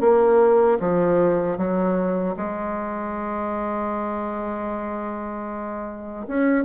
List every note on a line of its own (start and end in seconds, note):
0.00 0.78 A#3
0.79 1.57 F3
1.57 2.35 F#3
2.36 6.26 G#3
6.27 6.64 C#4